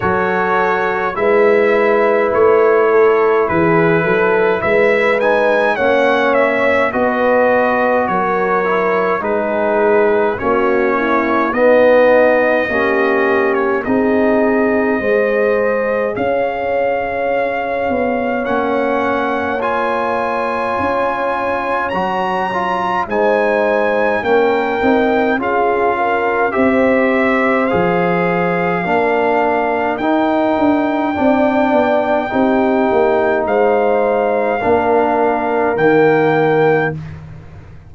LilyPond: <<
  \new Staff \with { instrumentName = "trumpet" } { \time 4/4 \tempo 4 = 52 cis''4 e''4 cis''4 b'4 | e''8 gis''8 fis''8 e''8 dis''4 cis''4 | b'4 cis''4 dis''4.~ dis''16 cis''16 | dis''2 f''2 |
fis''4 gis''2 ais''4 | gis''4 g''4 f''4 e''4 | f''2 g''2~ | g''4 f''2 g''4 | }
  \new Staff \with { instrumentName = "horn" } { \time 4/4 a'4 b'4. a'8 gis'8 a'8 | b'4 cis''4 b'4 ais'4 | gis'4 fis'8 e'8 dis'4 g'4 | gis'4 c''4 cis''2~ |
cis''1 | c''4 ais'4 gis'8 ais'8 c''4~ | c''4 ais'2 d''4 | g'4 c''4 ais'2 | }
  \new Staff \with { instrumentName = "trombone" } { \time 4/4 fis'4 e'2.~ | e'8 dis'8 cis'4 fis'4. e'8 | dis'4 cis'4 b4 cis'4 | dis'4 gis'2. |
cis'4 f'2 fis'8 f'8 | dis'4 cis'8 dis'8 f'4 g'4 | gis'4 d'4 dis'4 d'4 | dis'2 d'4 ais4 | }
  \new Staff \with { instrumentName = "tuba" } { \time 4/4 fis4 gis4 a4 e8 fis8 | gis4 ais4 b4 fis4 | gis4 ais4 b4 ais4 | c'4 gis4 cis'4. b8 |
ais2 cis'4 fis4 | gis4 ais8 c'8 cis'4 c'4 | f4 ais4 dis'8 d'8 c'8 b8 | c'8 ais8 gis4 ais4 dis4 | }
>>